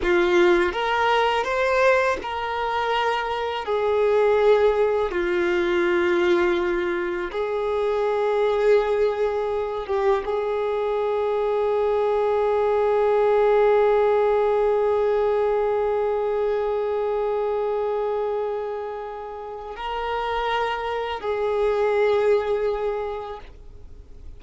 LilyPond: \new Staff \with { instrumentName = "violin" } { \time 4/4 \tempo 4 = 82 f'4 ais'4 c''4 ais'4~ | ais'4 gis'2 f'4~ | f'2 gis'2~ | gis'4. g'8 gis'2~ |
gis'1~ | gis'1~ | gis'2. ais'4~ | ais'4 gis'2. | }